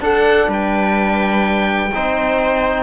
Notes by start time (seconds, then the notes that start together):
0.00 D4 A4 F#5
0.48 G3 B4 G5
1.94 C4 D#4 C5